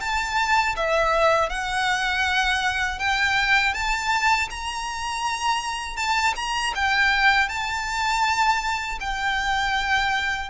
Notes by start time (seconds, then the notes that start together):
0.00 A5
0.76 E5
1.49 F#5
2.99 G5
3.73 A5
4.50 A#5
5.96 A5
6.35 A#5
6.75 G5
7.48 A5
9.00 G5